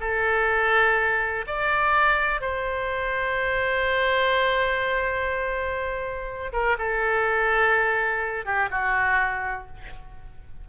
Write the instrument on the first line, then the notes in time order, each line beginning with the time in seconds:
oboe
0.00 A4
1.47 D5
2.41 C5
6.53 A#4
6.78 A4
8.45 G4
8.71 F#4